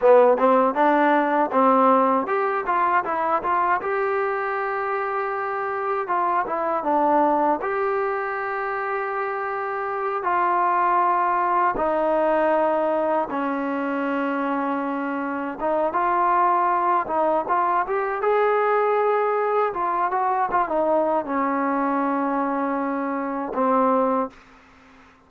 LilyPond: \new Staff \with { instrumentName = "trombone" } { \time 4/4 \tempo 4 = 79 b8 c'8 d'4 c'4 g'8 f'8 | e'8 f'8 g'2. | f'8 e'8 d'4 g'2~ | g'4. f'2 dis'8~ |
dis'4. cis'2~ cis'8~ | cis'8 dis'8 f'4. dis'8 f'8 g'8 | gis'2 f'8 fis'8 f'16 dis'8. | cis'2. c'4 | }